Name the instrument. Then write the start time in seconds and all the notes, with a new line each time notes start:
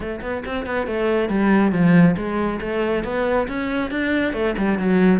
cello
0.00 A3
0.21 B3
0.45 C4
0.66 B3
0.86 A3
1.29 G3
1.72 F3
2.16 G#3
2.60 A3
3.04 B3
3.48 C#4
3.91 D4
4.33 A3
4.57 G3
4.78 F#3